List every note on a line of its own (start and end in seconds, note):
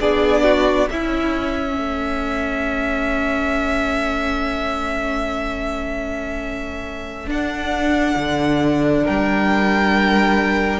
0.00 0.88 B3
0.00 0.88 D4
0.00 0.43 G#4
0.00 0.88 D5
0.43 0.87 F#4
0.89 1.76 C#4
0.89 7.28 C#4
0.89 1.77 E4
0.89 7.28 E5
1.76 7.26 A3
1.76 9.05 A4
7.26 8.14 D4
7.26 10.79 D4
7.26 9.06 F#5
8.16 9.04 D3
9.05 10.79 G3
9.05 10.79 A#4
9.05 10.79 G5